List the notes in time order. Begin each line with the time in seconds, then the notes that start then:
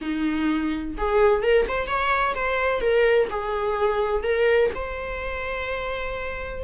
0.01 D#4
0.97 G#4
1.42 A#4
1.68 C5
1.87 C#5
2.34 C5
2.80 A#4
3.30 G#4
4.23 A#4
4.75 C5